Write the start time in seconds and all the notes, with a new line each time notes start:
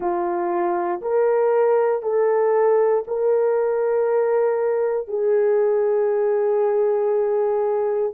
0.00 F4
1.01 A#4
2.02 A4
3.07 A#4
5.07 G#4